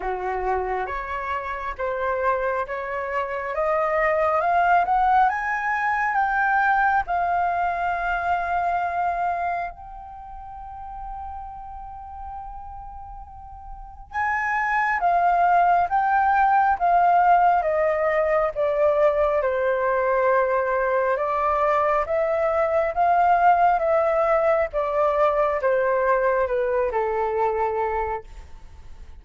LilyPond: \new Staff \with { instrumentName = "flute" } { \time 4/4 \tempo 4 = 68 fis'4 cis''4 c''4 cis''4 | dis''4 f''8 fis''8 gis''4 g''4 | f''2. g''4~ | g''1 |
gis''4 f''4 g''4 f''4 | dis''4 d''4 c''2 | d''4 e''4 f''4 e''4 | d''4 c''4 b'8 a'4. | }